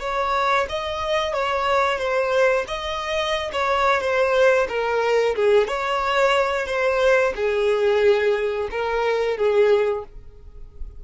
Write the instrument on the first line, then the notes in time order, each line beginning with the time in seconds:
violin
0.00 C#5
0.69 D#5
1.33 C#5
1.98 C5
2.68 D#5
3.52 C#5
4.00 C5
4.68 A#4
5.35 G#4
5.67 C#5
6.66 C5
7.35 G#4
8.71 A#4
9.37 G#4